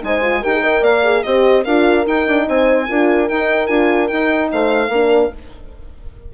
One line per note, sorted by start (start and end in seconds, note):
0.00 0.44 G#3
0.00 0.20 D#4
0.00 0.40 C5
0.00 0.43 G#5
0.21 0.42 F4
0.40 0.82 D#4
0.40 0.52 G4
0.40 0.61 A#4
0.40 0.83 G5
0.52 0.62 G#4
0.62 1.03 A#4
0.62 0.81 D#5
0.81 1.23 A#3
0.81 1.22 D5
0.81 1.23 F5
1.03 1.24 G#4
1.23 1.65 C4
1.23 1.65 G4
1.23 1.64 C5
1.23 1.63 D#5
1.64 2.06 D4
1.64 2.04 F4
1.64 2.45 A#4
1.64 2.05 F5
2.04 2.86 D#4
2.04 2.26 D#4
2.04 2.48 G5
2.27 2.47 D4
2.48 2.89 C4
2.48 2.88 C5
2.48 3.28 G#5
2.88 3.30 D4
2.88 3.29 F4
2.88 4.52 A#4
3.28 3.68 D#4
3.28 3.67 G5
3.67 4.09 D4
3.67 4.08 F4
3.67 4.07 G#5
4.07 4.89 D#4
4.07 4.52 D#4
4.07 4.48 G5
4.52 4.89 A3
4.52 4.93 C5
4.52 5.33 F5
4.89 5.29 A#3
4.89 5.34 D4
4.89 5.34 A#4